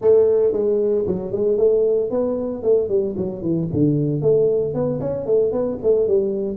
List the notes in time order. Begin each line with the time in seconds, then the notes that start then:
0.01 A3
0.52 G#3
1.06 F#3
1.32 G#3
1.57 A3
2.10 B3
2.62 A3
2.89 G3
3.17 F#3
3.42 E3
3.72 D3
4.21 A3
4.73 B3
5.00 C#4
5.26 A3
5.51 B3
5.82 A3
6.07 G3